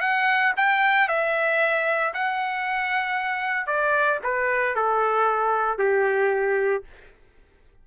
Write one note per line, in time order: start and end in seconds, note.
0.00 0.53 F#5
0.56 1.08 G5
1.08 2.13 E5
2.13 3.66 F#5
3.66 4.19 D5
4.23 4.75 B4
4.75 5.78 A4
5.78 6.83 G4